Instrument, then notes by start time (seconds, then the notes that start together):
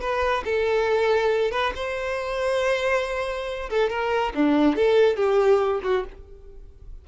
violin
0.00 B4
0.44 A4
1.51 B4
1.75 C5
3.70 A4
3.89 A#4
4.35 D4
4.76 A4
5.16 G4
5.83 F#4